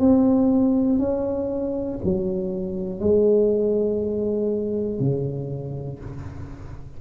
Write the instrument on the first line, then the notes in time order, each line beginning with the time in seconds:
tuba
0.00 C4
0.99 C#4
2.04 F#3
3.00 G#3
5.00 C#3